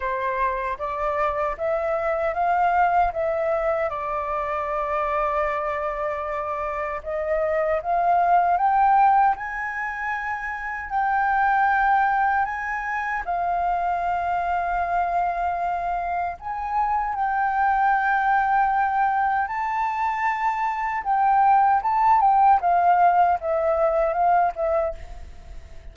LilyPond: \new Staff \with { instrumentName = "flute" } { \time 4/4 \tempo 4 = 77 c''4 d''4 e''4 f''4 | e''4 d''2.~ | d''4 dis''4 f''4 g''4 | gis''2 g''2 |
gis''4 f''2.~ | f''4 gis''4 g''2~ | g''4 a''2 g''4 | a''8 g''8 f''4 e''4 f''8 e''8 | }